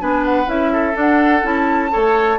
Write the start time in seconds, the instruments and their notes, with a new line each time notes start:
0.00 bassoon B3, clarinet D4, oboe B4, flute G#5
0.25 flute F#5
0.47 bassoon C#4, clarinet E4, flute E5
0.73 oboe A4
0.94 clarinet D4, bassoon D4, flute F#5
1.43 bassoon C#4, clarinet E4, flute A5
1.90 bassoon A3, clarinet A4, oboe C#5